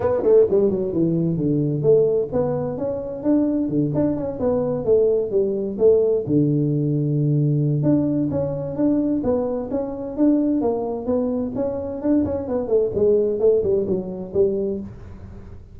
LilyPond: \new Staff \with { instrumentName = "tuba" } { \time 4/4 \tempo 4 = 130 b8 a8 g8 fis8 e4 d4 | a4 b4 cis'4 d'4 | d8 d'8 cis'8 b4 a4 g8~ | g8 a4 d2~ d8~ |
d4 d'4 cis'4 d'4 | b4 cis'4 d'4 ais4 | b4 cis'4 d'8 cis'8 b8 a8 | gis4 a8 g8 fis4 g4 | }